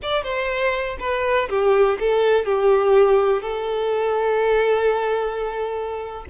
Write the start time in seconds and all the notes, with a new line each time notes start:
0.02 D5
0.23 C5
0.99 B4
1.49 G4
1.99 A4
2.45 G4
3.42 A4